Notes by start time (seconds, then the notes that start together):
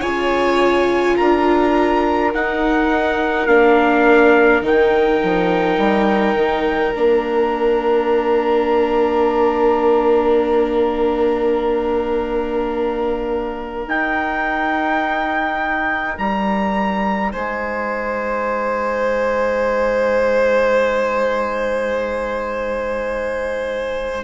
0.00 C#3 F4 C#5 G#5
1.16 D4 A#4 A#5
2.34 D#4 F#5
3.46 A#3 D4 F5
4.61 D#3 D#4 G5
5.23 F3
5.77 G3
6.34 D#3
6.94 A#3 D4 F5
13.86 D#4 G5
16.18 G3 A#5
17.31 G#3 C5 G#5